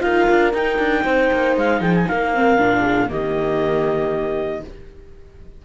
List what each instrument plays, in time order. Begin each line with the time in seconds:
0.00 cello D#4, viola F4, horn A#4, clarinet F5
0.30 cello D4
0.53 cello D#4, viola D#4, clarinet G5
0.79 cello D4
1.03 cello C4, horn C5
1.33 cello A#3
1.57 cello G#3, clarinet F5
1.80 cello F3, horn G#4, clarinet G5
1.95 clarinet G#5
2.08 cello A#3, horn A#4, clarinet F5
2.34 viola C4
2.58 cello A#2, viola D4
2.81 horn G#4
3.08 cello D#3, viola A#3, horn G4, clarinet D#5